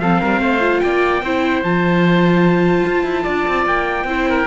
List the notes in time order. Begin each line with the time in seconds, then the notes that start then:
0.00 F3 C4 A4 F5
0.21 G3 A#4
0.40 A3 C5
0.60 F4
0.80 A#3 D5 G5
1.22 C4 E4 C5
1.64 F3 F4 A5
2.87 F4
3.04 E4
3.23 D4 D5
3.48 C4
3.66 A#3 G5
4.04 C4 E4 C5
4.29 A#4